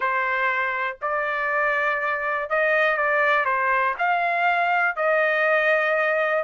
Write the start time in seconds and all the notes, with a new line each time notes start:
0.00 C5
1.01 D5
2.49 D#5
2.97 D5
3.45 C5
3.98 F5
4.96 D#5